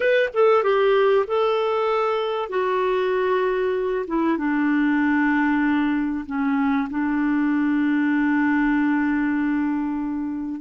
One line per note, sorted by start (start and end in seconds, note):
0.00 0.29 B4
0.33 0.63 A4
0.63 1.25 G4
1.27 2.49 A4
2.49 4.05 F#4
4.07 4.37 E4
4.37 6.25 D4
6.26 6.88 C#4
6.89 10.61 D4